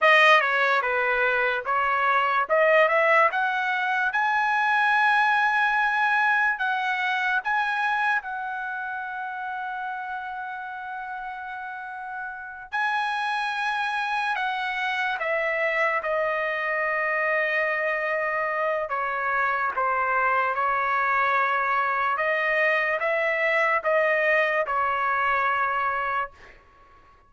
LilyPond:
\new Staff \with { instrumentName = "trumpet" } { \time 4/4 \tempo 4 = 73 dis''8 cis''8 b'4 cis''4 dis''8 e''8 | fis''4 gis''2. | fis''4 gis''4 fis''2~ | fis''2.~ fis''8 gis''8~ |
gis''4. fis''4 e''4 dis''8~ | dis''2. cis''4 | c''4 cis''2 dis''4 | e''4 dis''4 cis''2 | }